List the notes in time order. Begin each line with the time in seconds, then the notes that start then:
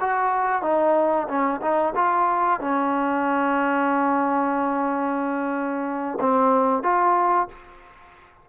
0.00 F#4
0.62 D#4
1.28 C#4
1.61 D#4
1.95 F4
2.60 C#4
6.20 C4
6.83 F4